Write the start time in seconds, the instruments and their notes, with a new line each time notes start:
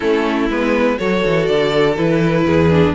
0.00 cello A3, viola C#4, violin E4 A4
0.49 cello G#3, viola B3, violin B4
0.97 cello F#3, viola F#4, violin A4 C#5
1.26 cello E3
1.45 cello D3, violin D5
1.97 cello E3, viola E4, violin B4
2.45 cello E2, violin G#4
2.70 viola D4